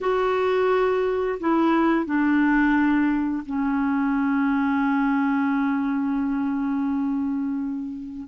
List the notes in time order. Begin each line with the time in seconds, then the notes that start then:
0.00 F#4
1.40 E4
2.05 D4
3.45 C#4